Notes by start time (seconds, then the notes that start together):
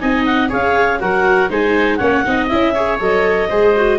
0.00 C4 D#4 D#5 G#5
0.26 F#5
0.49 C#4 G#4 C#5 F5
1.00 F#3 F#4 A#4 F#5
1.50 G#3 D#4 C5 G#5
1.97 A#3 C#4 C#5 F#5
2.25 C4 D#4 D#5
2.49 C#4 E4 E5
2.74 G#4 C#5
3.00 F#3 A4 D#5
3.49 G#3 G#4 C5
3.76 F#4